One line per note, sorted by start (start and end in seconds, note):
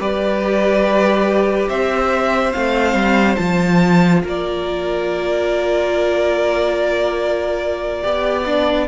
0.00 1.69 G3
0.00 2.52 G4
0.00 1.69 B4
0.00 1.69 D5
1.69 2.54 C4
1.69 4.22 C5
1.69 2.53 E5
2.52 2.94 A3
2.52 3.36 C4
2.52 3.36 F5
2.94 3.36 G3
3.36 4.23 F3
3.36 8.03 F4
3.36 4.20 A5
4.24 8.05 A#3
4.24 8.04 A#4
4.24 8.88 D5
8.03 8.88 B3
8.03 8.45 G4
8.03 8.88 D5
8.46 8.88 D4